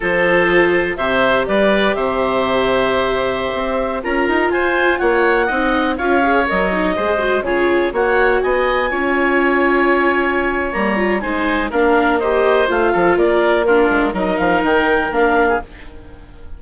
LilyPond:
<<
  \new Staff \with { instrumentName = "clarinet" } { \time 4/4 \tempo 4 = 123 c''2 e''4 d''4 | e''1~ | e''16 ais''4 gis''4 fis''4.~ fis''16~ | fis''16 f''4 dis''2 cis''8.~ |
cis''16 fis''4 gis''2~ gis''8.~ | gis''2 ais''4 gis''4 | f''4 dis''4 f''4 d''4 | ais'4 dis''8 f''8 g''4 f''4 | }
  \new Staff \with { instrumentName = "oboe" } { \time 4/4 a'2 c''4 b'4 | c''1~ | c''16 ais'4 c''4 cis''4 dis''8.~ | dis''16 cis''2 c''4 gis'8.~ |
gis'16 cis''4 dis''4 cis''4.~ cis''16~ | cis''2. c''4 | ais'4 c''4. a'8 ais'4 | f'4 ais'2~ ais'8. gis'16 | }
  \new Staff \with { instrumentName = "viola" } { \time 4/4 f'2 g'2~ | g'1~ | g'16 f'2. dis'8.~ | dis'16 f'8 gis'8 ais'8 dis'8 gis'8 fis'8 f'8.~ |
f'16 fis'2 f'4.~ f'16~ | f'2 ais8 f'8 dis'4 | d'4 g'4 f'2 | d'4 dis'2 d'4 | }
  \new Staff \with { instrumentName = "bassoon" } { \time 4/4 f2 c4 g4 | c2.~ c16 c'8.~ | c'16 cis'8 dis'8 f'4 ais4 c'8.~ | c'16 cis'4 fis4 gis4 cis8.~ |
cis16 ais4 b4 cis'4.~ cis'16~ | cis'2 g4 gis4 | ais2 a8 f8 ais4~ | ais8 gis8 fis8 f8 dis4 ais4 | }
>>